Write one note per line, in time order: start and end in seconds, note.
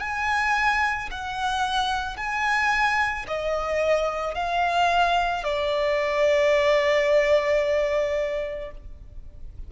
0.00 1.09 G#5
1.11 2.17 F#5
2.17 3.26 G#5
3.27 4.34 D#5
4.34 5.43 F5
5.44 8.71 D5